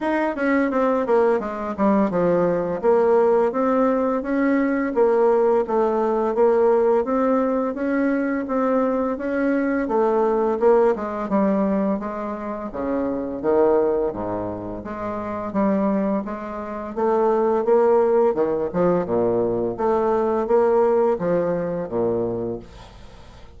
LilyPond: \new Staff \with { instrumentName = "bassoon" } { \time 4/4 \tempo 4 = 85 dis'8 cis'8 c'8 ais8 gis8 g8 f4 | ais4 c'4 cis'4 ais4 | a4 ais4 c'4 cis'4 | c'4 cis'4 a4 ais8 gis8 |
g4 gis4 cis4 dis4 | gis,4 gis4 g4 gis4 | a4 ais4 dis8 f8 ais,4 | a4 ais4 f4 ais,4 | }